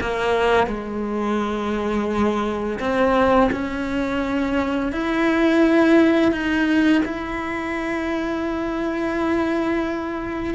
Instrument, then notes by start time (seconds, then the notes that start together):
cello
0.00 A#3
0.67 G#3
2.79 C4
3.52 C#4
4.92 E4
6.31 D#4
7.05 E4